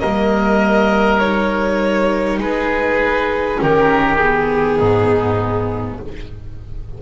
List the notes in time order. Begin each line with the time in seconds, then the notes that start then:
0.00 G3 A#3 A#4 D#5
1.19 D#4 C#5
2.39 G#3 G#4 B4
3.58 D#3 C#4 G4 A#4
4.17 B3 G#4
4.79 G#2 D#4